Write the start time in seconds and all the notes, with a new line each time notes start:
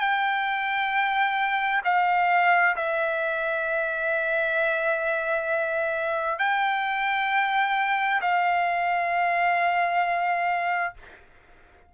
0.00 G5
1.84 F5
2.76 E5
6.39 G5
8.21 F5